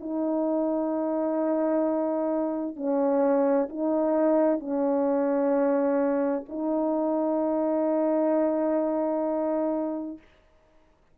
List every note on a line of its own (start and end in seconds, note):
0.00 2.76 D#4
2.76 3.68 C#4
3.69 4.59 D#4
4.59 6.44 C#4
6.49 10.18 D#4